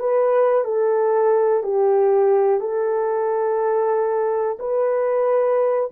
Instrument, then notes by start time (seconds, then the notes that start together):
horn
0.00 B4
0.65 A4
1.64 G4
2.61 A4
4.60 B4